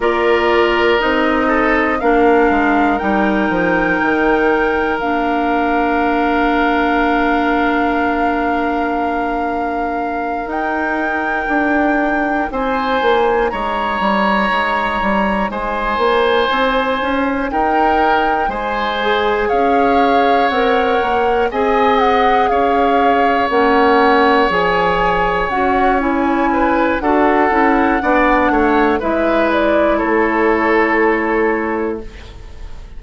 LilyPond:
<<
  \new Staff \with { instrumentName = "flute" } { \time 4/4 \tempo 4 = 60 d''4 dis''4 f''4 g''4~ | g''4 f''2.~ | f''2~ f''8 g''4.~ | g''8 gis''4 ais''2 gis''8~ |
gis''4. g''4 gis''4 f''8~ | f''8 fis''4 gis''8 fis''8 f''4 fis''8~ | fis''8 gis''4 fis''8 gis''4 fis''4~ | fis''4 e''8 d''8 cis''2 | }
  \new Staff \with { instrumentName = "oboe" } { \time 4/4 ais'4. a'8 ais'2~ | ais'1~ | ais'1~ | ais'8 c''4 cis''2 c''8~ |
c''4. ais'4 c''4 cis''8~ | cis''4. dis''4 cis''4.~ | cis''2~ cis''8 b'8 a'4 | d''8 cis''8 b'4 a'2 | }
  \new Staff \with { instrumentName = "clarinet" } { \time 4/4 f'4 dis'4 d'4 dis'4~ | dis'4 d'2.~ | d'2~ d'8 dis'4.~ | dis'1~ |
dis'2. gis'4~ | gis'8 ais'4 gis'2 cis'8~ | cis'8 gis'4 fis'8 e'4 fis'8 e'8 | d'4 e'2. | }
  \new Staff \with { instrumentName = "bassoon" } { \time 4/4 ais4 c'4 ais8 gis8 g8 f8 | dis4 ais2.~ | ais2~ ais8 dis'4 d'8~ | d'8 c'8 ais8 gis8 g8 gis8 g8 gis8 |
ais8 c'8 cis'8 dis'4 gis4 cis'8~ | cis'8 c'8 ais8 c'4 cis'4 ais8~ | ais8 f4 cis'4. d'8 cis'8 | b8 a8 gis4 a2 | }
>>